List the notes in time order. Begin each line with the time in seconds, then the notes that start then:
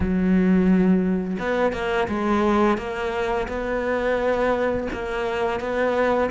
0.00 F#3
1.39 B3
1.73 A#3
2.08 G#3
2.77 A#3
3.48 B3
4.92 A#3
5.60 B3